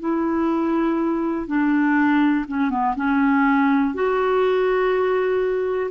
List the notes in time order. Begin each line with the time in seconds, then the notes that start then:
0.00 E4
1.47 D4
2.48 C#4
2.70 B3
2.96 C#4
3.94 F#4